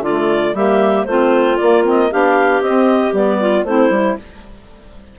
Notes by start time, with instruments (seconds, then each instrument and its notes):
0.00 bassoon D3, saxophone A3, clarinet F4 D5
0.53 bassoon G3, saxophone A#3, clarinet G4 E5
1.04 bassoon A3, saxophone C4, clarinet F4 C5
1.56 saxophone A#3, bassoon A#3, clarinet D5
1.84 saxophone C4, clarinet D#5
2.10 bassoon B3, saxophone D4, clarinet G4 F5
2.60 bassoon C4, saxophone C4, clarinet D#5
3.12 bassoon G3, saxophone B3, clarinet D5
3.40 clarinet F4
3.64 bassoon A3, saxophone C4, clarinet E4 C5
3.89 bassoon G3, saxophone E4